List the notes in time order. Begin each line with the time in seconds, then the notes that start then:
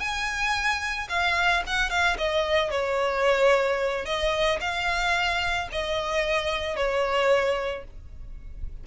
0.00 G#5
1.09 F5
1.67 F#5
1.90 F5
2.18 D#5
2.71 C#5
4.06 D#5
4.61 F5
5.72 D#5
6.76 C#5